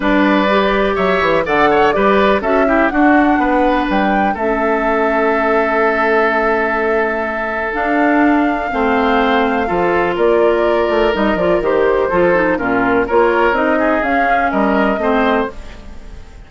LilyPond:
<<
  \new Staff \with { instrumentName = "flute" } { \time 4/4 \tempo 4 = 124 d''2 e''4 fis''4 | d''4 e''4 fis''2 | g''4 e''2.~ | e''1 |
f''1~ | f''4 d''2 dis''8 d''8 | c''2 ais'4 cis''4 | dis''4 f''4 dis''2 | }
  \new Staff \with { instrumentName = "oboe" } { \time 4/4 b'2 cis''4 d''8 cis''8 | b'4 a'8 g'8 fis'4 b'4~ | b'4 a'2.~ | a'1~ |
a'2 c''2 | a'4 ais'2.~ | ais'4 a'4 f'4 ais'4~ | ais'8 gis'4. ais'4 c''4 | }
  \new Staff \with { instrumentName = "clarinet" } { \time 4/4 d'4 g'2 a'4 | g'4 fis'8 e'8 d'2~ | d'4 cis'2.~ | cis'1 |
d'2 c'2 | f'2. dis'8 f'8 | g'4 f'8 dis'8 cis'4 f'4 | dis'4 cis'2 c'4 | }
  \new Staff \with { instrumentName = "bassoon" } { \time 4/4 g2 fis8 e8 d4 | g4 cis'4 d'4 b4 | g4 a2.~ | a1 |
d'2 a2 | f4 ais4. a8 g8 f8 | dis4 f4 ais,4 ais4 | c'4 cis'4 g4 a4 | }
>>